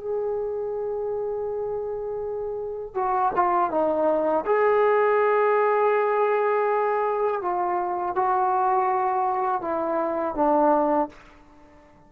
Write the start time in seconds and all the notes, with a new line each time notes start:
0.00 G#4
2.95 F#4
3.36 F4
3.71 D#4
4.46 G#4
7.42 F4
8.16 F#4
9.62 E4
10.35 D4